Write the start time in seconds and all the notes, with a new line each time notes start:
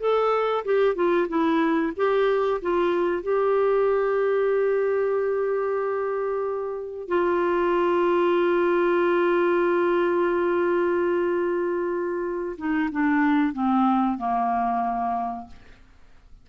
0.00 A4
0.65 G4
0.95 F4
1.28 E4
1.96 G4
2.62 F4
3.23 G4
7.08 F4
12.57 D#4
12.92 D4
13.53 C4
14.18 A#3